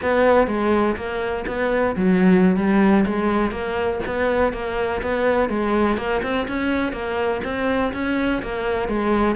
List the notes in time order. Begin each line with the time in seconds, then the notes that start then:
0.02 B3
0.47 G#3
0.96 A#3
1.46 B3
1.95 F#3
2.56 G3
3.06 G#3
3.51 A#3
4.06 B3
4.52 A#3
5.02 B3
5.49 G#3
5.97 A#3
6.23 C4
6.48 C#4
6.92 A#3
7.44 C4
7.93 C#4
8.42 A#3
8.88 G#3